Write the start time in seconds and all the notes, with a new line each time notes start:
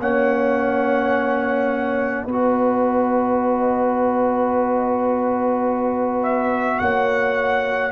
0.00 A#3 C#4 C#5 F#5
2.24 B3 F#4 B4 D#5
6.22 E5
6.79 A#3 C#5 F#5